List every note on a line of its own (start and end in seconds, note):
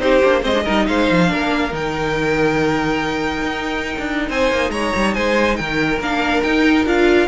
0.00 0.22 C4
0.00 0.22 D#4
0.00 0.42 G4
0.00 0.43 C5
0.25 0.45 A#3
0.25 0.43 D4
0.42 0.67 G#3
0.42 0.53 C4
0.42 0.64 C5
0.42 0.87 D#5
0.55 0.65 D4
0.65 0.89 G3
0.65 1.27 D#4
0.65 0.86 A#4
0.87 1.10 G#3
0.87 1.32 C5
0.87 1.73 F5
1.11 1.32 F3
1.27 1.73 A#3
1.27 1.70 D4
1.27 4.29 A#4
1.72 3.42 D#3
1.72 6.01 D#4
1.72 4.30 G5
3.42 3.96 D#4
3.99 4.30 D4
4.29 4.52 C4
4.29 4.71 C5
4.29 4.71 G#5
4.52 4.70 A#3
4.70 4.92 G#3
4.70 5.15 C#5
4.70 5.14 A#5
4.96 5.17 G3
5.14 5.60 G#3
5.14 5.58 C5
5.14 5.56 G#5
5.56 5.99 D#3
5.56 7.29 A#4
5.56 5.99 G5
5.99 6.42 A#3
5.99 6.45 D4
5.99 6.43 F5
6.43 6.86 D#4
6.43 6.87 D#4
6.43 6.86 G5
6.86 7.29 D4
6.86 7.29 F4
6.86 7.29 F5